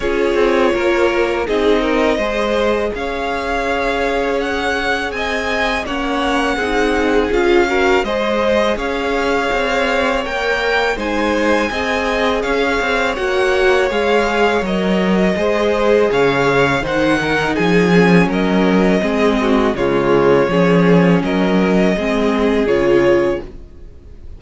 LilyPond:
<<
  \new Staff \with { instrumentName = "violin" } { \time 4/4 \tempo 4 = 82 cis''2 dis''2 | f''2 fis''4 gis''4 | fis''2 f''4 dis''4 | f''2 g''4 gis''4~ |
gis''4 f''4 fis''4 f''4 | dis''2 f''4 fis''4 | gis''4 dis''2 cis''4~ | cis''4 dis''2 cis''4 | }
  \new Staff \with { instrumentName = "violin" } { \time 4/4 gis'4 ais'4 gis'8 ais'8 c''4 | cis''2. dis''4 | cis''4 gis'4. ais'8 c''4 | cis''2. c''4 |
dis''4 cis''2.~ | cis''4 c''4 cis''4 c''8 ais'8 | gis'4 ais'4 gis'8 fis'8 f'4 | gis'4 ais'4 gis'2 | }
  \new Staff \with { instrumentName = "viola" } { \time 4/4 f'2 dis'4 gis'4~ | gis'1 | cis'4 dis'4 f'8 fis'8 gis'4~ | gis'2 ais'4 dis'4 |
gis'2 fis'4 gis'4 | ais'4 gis'2 dis'4~ | dis'8 cis'4. c'4 gis4 | cis'2 c'4 f'4 | }
  \new Staff \with { instrumentName = "cello" } { \time 4/4 cis'8 c'8 ais4 c'4 gis4 | cis'2. c'4 | ais4 c'4 cis'4 gis4 | cis'4 c'4 ais4 gis4 |
c'4 cis'8 c'8 ais4 gis4 | fis4 gis4 cis4 dis4 | f4 fis4 gis4 cis4 | f4 fis4 gis4 cis4 | }
>>